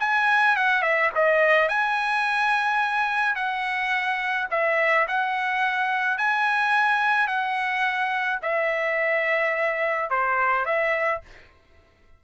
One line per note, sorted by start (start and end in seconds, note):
0.00 0.56 G#5
0.56 0.82 F#5
0.82 1.10 E5
1.15 1.68 D#5
1.68 3.35 G#5
3.35 4.47 F#5
4.51 5.07 E5
5.08 6.18 F#5
6.18 7.27 G#5
7.27 8.39 F#5
8.42 10.10 E5
10.10 10.65 C5
10.65 11.21 E5